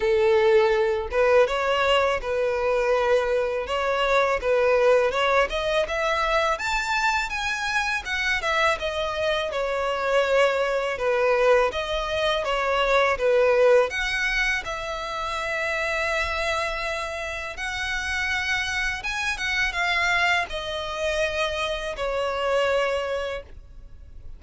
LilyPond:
\new Staff \with { instrumentName = "violin" } { \time 4/4 \tempo 4 = 82 a'4. b'8 cis''4 b'4~ | b'4 cis''4 b'4 cis''8 dis''8 | e''4 a''4 gis''4 fis''8 e''8 | dis''4 cis''2 b'4 |
dis''4 cis''4 b'4 fis''4 | e''1 | fis''2 gis''8 fis''8 f''4 | dis''2 cis''2 | }